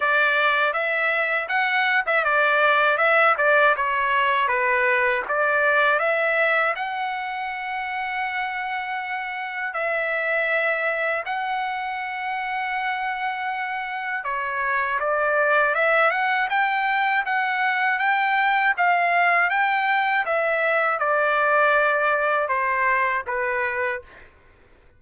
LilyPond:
\new Staff \with { instrumentName = "trumpet" } { \time 4/4 \tempo 4 = 80 d''4 e''4 fis''8. e''16 d''4 | e''8 d''8 cis''4 b'4 d''4 | e''4 fis''2.~ | fis''4 e''2 fis''4~ |
fis''2. cis''4 | d''4 e''8 fis''8 g''4 fis''4 | g''4 f''4 g''4 e''4 | d''2 c''4 b'4 | }